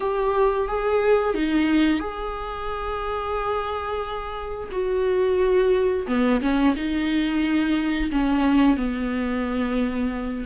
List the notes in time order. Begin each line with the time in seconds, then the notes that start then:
0.00 G4
0.67 G#4
1.34 D#4
1.99 G#4
4.71 F#4
6.07 B3
6.41 C#4
6.75 D#4
8.11 C#4
8.76 B3